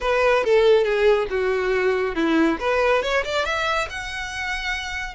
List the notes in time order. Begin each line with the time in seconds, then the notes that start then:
0.00 B4
0.44 A4
0.84 G#4
1.29 F#4
2.15 E4
2.59 B4
3.02 C#5
3.24 D5
3.45 E5
3.89 F#5